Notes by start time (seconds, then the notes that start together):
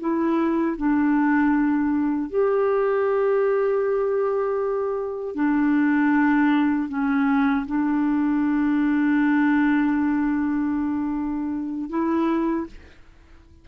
0.00 E4
0.77 D4
2.30 G4
5.35 D4
6.89 C#4
7.66 D4
11.90 E4